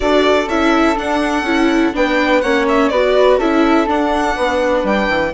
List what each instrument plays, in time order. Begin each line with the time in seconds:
0.00 bassoon D4, viola F#4, flute A4, violin D5
0.47 bassoon C#4, viola E4, violin E5
0.96 viola D4, bassoon D4, violin F#5
1.42 bassoon C#4, viola E4
1.93 bassoon B3, viola D4, flute B4, violin G5
2.41 bassoon A#3, viola C#4, flute C#5, violin F#5
2.68 violin E5
2.88 bassoon B3, viola F#4, flute B4, violin D5
3.38 bassoon C#4, viola E4, flute A4, violin E5
3.86 viola D4, bassoon D4, violin F#5
4.35 bassoon B3, flute B4
4.83 bassoon G3, violin G5
5.08 bassoon E3